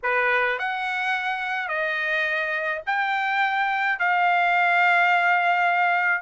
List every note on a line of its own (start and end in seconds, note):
0.03 0.58 B4
0.58 1.68 F#5
1.68 2.81 D#5
2.86 3.99 G5
3.99 6.21 F5